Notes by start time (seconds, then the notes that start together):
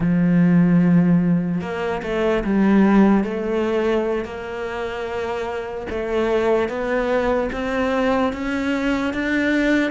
0.00 F3
1.61 A#3
2.03 A3
2.44 G3
3.24 A3
4.24 A#3
5.90 A3
6.68 B3
7.52 C4
8.33 C#4
9.13 D4